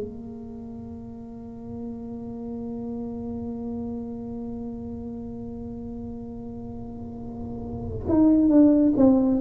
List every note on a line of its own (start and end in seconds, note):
0.00 8.06 A#3
8.08 8.49 D#4
8.49 8.93 D4
8.96 9.40 C4